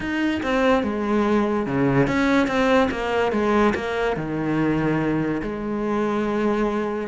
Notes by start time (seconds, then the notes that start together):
0.00 D#4
0.42 C4
0.83 G#3
1.66 C#3
2.07 C#4
2.47 C4
2.90 A#3
3.32 G#3
3.74 A#3
4.16 D#3
5.42 G#3